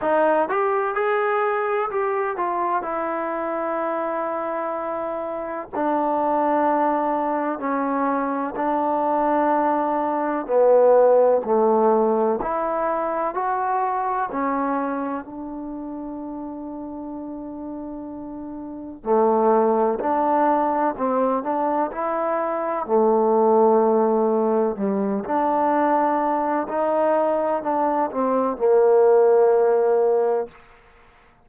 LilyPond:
\new Staff \with { instrumentName = "trombone" } { \time 4/4 \tempo 4 = 63 dis'8 g'8 gis'4 g'8 f'8 e'4~ | e'2 d'2 | cis'4 d'2 b4 | a4 e'4 fis'4 cis'4 |
d'1 | a4 d'4 c'8 d'8 e'4 | a2 g8 d'4. | dis'4 d'8 c'8 ais2 | }